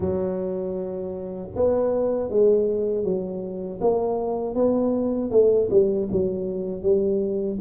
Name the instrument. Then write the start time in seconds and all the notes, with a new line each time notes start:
tuba
0.00 F#3
1.55 B3
2.29 G#3
3.04 F#3
3.80 A#3
4.54 B3
5.31 A3
5.70 G3
6.11 F#3
6.82 G3